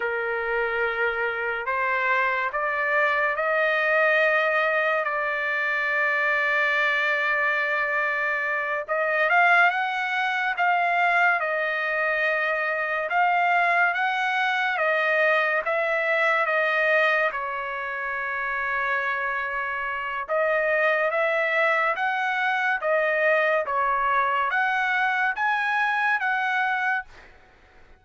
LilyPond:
\new Staff \with { instrumentName = "trumpet" } { \time 4/4 \tempo 4 = 71 ais'2 c''4 d''4 | dis''2 d''2~ | d''2~ d''8 dis''8 f''8 fis''8~ | fis''8 f''4 dis''2 f''8~ |
f''8 fis''4 dis''4 e''4 dis''8~ | dis''8 cis''2.~ cis''8 | dis''4 e''4 fis''4 dis''4 | cis''4 fis''4 gis''4 fis''4 | }